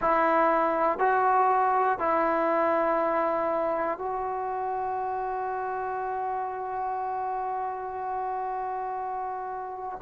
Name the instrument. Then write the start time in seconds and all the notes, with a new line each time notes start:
trombone
0.01 E4
0.98 F#4
1.99 E4
3.98 F#4